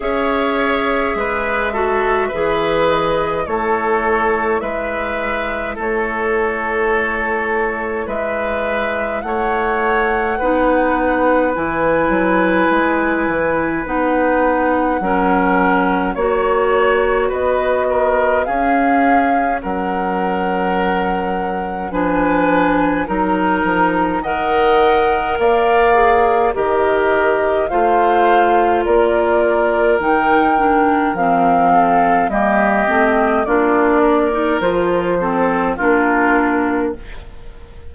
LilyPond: <<
  \new Staff \with { instrumentName = "flute" } { \time 4/4 \tempo 4 = 52 e''2~ e''8 dis''8 cis''4 | e''4 cis''2 e''4 | fis''2 gis''2 | fis''2 cis''4 dis''4 |
f''4 fis''2 gis''4 | ais''4 fis''4 f''4 dis''4 | f''4 d''4 g''4 f''4 | dis''4 d''4 c''4 ais'4 | }
  \new Staff \with { instrumentName = "oboe" } { \time 4/4 cis''4 b'8 a'8 b'4 a'4 | b'4 a'2 b'4 | cis''4 b'2.~ | b'4 ais'4 cis''4 b'8 ais'8 |
gis'4 ais'2 b'4 | ais'4 dis''4 d''4 ais'4 | c''4 ais'2~ ais'8 a'8 | g'4 f'8 ais'4 a'8 f'4 | }
  \new Staff \with { instrumentName = "clarinet" } { \time 4/4 gis'4. fis'8 gis'4 e'4~ | e'1~ | e'4 dis'4 e'2 | dis'4 cis'4 fis'2 |
cis'2. d'4 | dis'4 ais'4. gis'8 g'4 | f'2 dis'8 d'8 c'4 | ais8 c'8 d'8. dis'16 f'8 c'8 d'4 | }
  \new Staff \with { instrumentName = "bassoon" } { \time 4/4 cis'4 gis4 e4 a4 | gis4 a2 gis4 | a4 b4 e8 fis8 gis8 e8 | b4 fis4 ais4 b4 |
cis'4 fis2 f4 | fis8 f8 dis4 ais4 dis4 | a4 ais4 dis4 f4 | g8 a8 ais4 f4 ais4 | }
>>